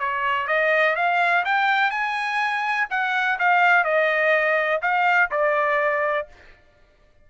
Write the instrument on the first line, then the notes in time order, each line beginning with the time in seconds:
trumpet
0.00 C#5
0.48 D#5
0.96 F5
1.45 G5
1.91 G#5
2.91 F#5
3.39 F5
3.85 D#5
4.82 F5
5.31 D5